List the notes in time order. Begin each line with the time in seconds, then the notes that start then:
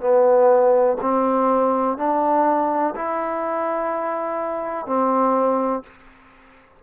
0.00 B3
1.01 C4
1.98 D4
2.96 E4
4.86 C4